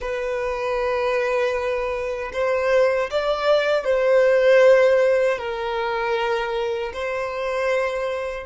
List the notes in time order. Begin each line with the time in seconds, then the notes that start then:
0.00 B4
2.33 C5
3.10 D5
3.84 C5
5.38 A#4
6.93 C5